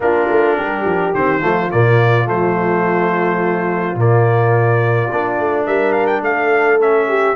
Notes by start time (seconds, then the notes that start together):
0.00 A#3 D4 F4 A#4
0.30 A3
0.57 G3 G4
0.85 F3
1.14 D#3 C4 C5
1.40 F3 A3 F4
1.71 A#2 A#3 D5
2.25 F3 A3 C5
3.95 A#2 A#3 D5
5.11 A#3 D4
5.39 A3
5.66 G3 A#4 E5
5.92 F5
6.06 G5
6.21 A3 A4 F5
6.79 C#4 E5
7.07 G4